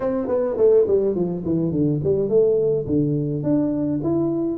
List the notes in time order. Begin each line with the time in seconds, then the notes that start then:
0.00 C4
0.27 B3
0.57 A3
0.87 G3
1.15 F3
1.45 E3
1.71 D3
2.03 G3
2.28 A3
2.86 D3
3.43 D4
4.03 E4